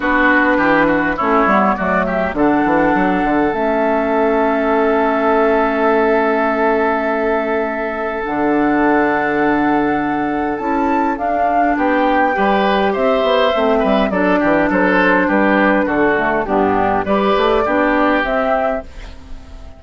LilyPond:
<<
  \new Staff \with { instrumentName = "flute" } { \time 4/4 \tempo 4 = 102 b'2 cis''4 d''8 e''8 | fis''2 e''2~ | e''1~ | e''2 fis''2~ |
fis''2 a''4 f''4 | g''2 e''2 | d''4 c''4 b'4 a'4 | g'4 d''2 e''4 | }
  \new Staff \with { instrumentName = "oboe" } { \time 4/4 fis'4 g'8 fis'8 e'4 fis'8 g'8 | a'1~ | a'1~ | a'1~ |
a'1 | g'4 b'4 c''4. b'8 | a'8 g'8 a'4 g'4 fis'4 | d'4 b'4 g'2 | }
  \new Staff \with { instrumentName = "clarinet" } { \time 4/4 d'2 cis'8 b8 a4 | d'2 cis'2~ | cis'1~ | cis'2 d'2~ |
d'2 e'4 d'4~ | d'4 g'2 c'4 | d'2.~ d'8 a8 | b4 g'4 d'4 c'4 | }
  \new Staff \with { instrumentName = "bassoon" } { \time 4/4 b4 e4 a8 g8 fis4 | d8 e8 fis8 d8 a2~ | a1~ | a2 d2~ |
d2 cis'4 d'4 | b4 g4 c'8 b8 a8 g8 | fis8 e8 fis4 g4 d4 | g,4 g8 a8 b4 c'4 | }
>>